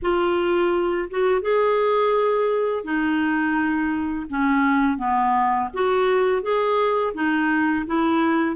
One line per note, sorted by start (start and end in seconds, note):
0.02 1.09 F4
1.10 1.41 F#4
1.41 2.84 G#4
2.84 4.27 D#4
4.29 4.97 C#4
4.97 5.69 B3
5.73 6.42 F#4
6.42 7.13 G#4
7.14 7.85 D#4
7.86 8.56 E4